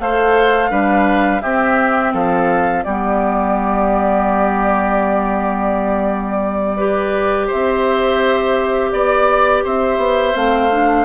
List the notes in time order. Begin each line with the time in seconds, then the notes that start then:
0.00 A3 A4 C5 F5
0.70 G3 D4 B4
1.42 C4 G4 E5
2.13 F3 A4 F5
2.84 G3 B3 G4 D5
6.77 G4 B4
7.47 C5 E5
7.53 C4
8.92 B3 D5
9.64 C4 C5 E5
9.97 B3
10.34 A3 C4 F5
10.71 D4